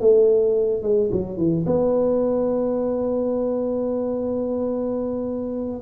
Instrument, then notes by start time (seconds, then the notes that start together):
tuba
0.00 A3
0.82 G#3
1.11 F#3
1.37 E3
1.66 B3